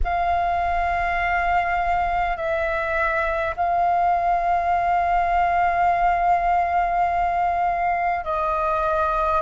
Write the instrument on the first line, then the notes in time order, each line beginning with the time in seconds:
flute
0.04 F5
2.36 E5
3.56 F5
8.24 D#5